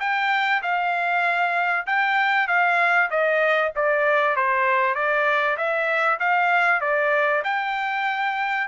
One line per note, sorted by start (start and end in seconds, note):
0.00 0.62 G5
0.62 1.86 F5
1.86 2.47 G5
2.47 3.09 F5
3.10 3.72 D#5
3.75 4.36 D5
4.36 4.95 C5
4.95 5.56 D5
5.57 6.19 E5
6.19 6.81 F5
6.81 7.43 D5
7.44 8.67 G5